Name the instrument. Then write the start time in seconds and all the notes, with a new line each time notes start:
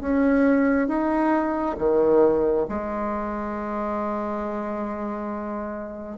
bassoon
0.00 C#4
0.88 D#4
1.78 D#3
2.69 G#3